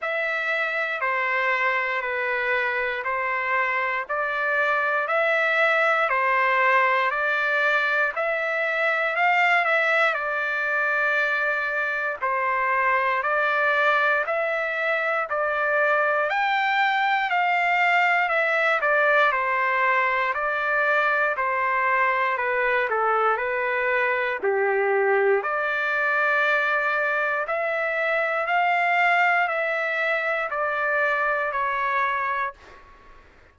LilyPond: \new Staff \with { instrumentName = "trumpet" } { \time 4/4 \tempo 4 = 59 e''4 c''4 b'4 c''4 | d''4 e''4 c''4 d''4 | e''4 f''8 e''8 d''2 | c''4 d''4 e''4 d''4 |
g''4 f''4 e''8 d''8 c''4 | d''4 c''4 b'8 a'8 b'4 | g'4 d''2 e''4 | f''4 e''4 d''4 cis''4 | }